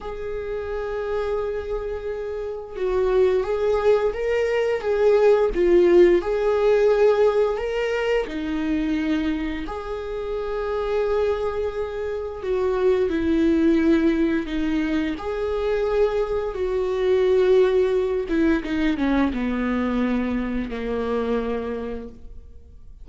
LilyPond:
\new Staff \with { instrumentName = "viola" } { \time 4/4 \tempo 4 = 87 gis'1 | fis'4 gis'4 ais'4 gis'4 | f'4 gis'2 ais'4 | dis'2 gis'2~ |
gis'2 fis'4 e'4~ | e'4 dis'4 gis'2 | fis'2~ fis'8 e'8 dis'8 cis'8 | b2 ais2 | }